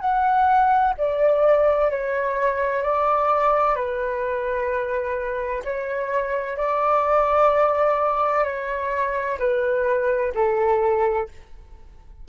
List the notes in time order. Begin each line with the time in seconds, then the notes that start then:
0.00 F#5
0.98 D5
1.90 C#5
2.83 D5
3.75 B4
5.64 C#5
6.57 D5
8.45 C#5
9.39 B4
10.35 A4